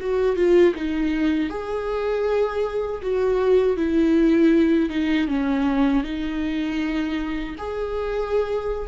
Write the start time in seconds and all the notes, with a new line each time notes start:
0.00 F#4
0.36 F4
0.75 D#4
1.49 G#4
3.02 F#4
3.76 E4
4.90 D#4
5.28 C#4
6.03 D#4
7.58 G#4